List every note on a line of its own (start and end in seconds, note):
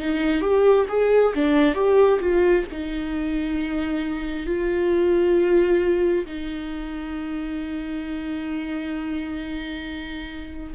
0.00 0.42 D#4
0.42 0.86 G4
0.89 1.34 G#4
1.35 1.75 D4
1.75 2.20 G4
2.20 2.65 F4
2.72 4.47 D#4
4.47 6.26 F4
6.26 10.74 D#4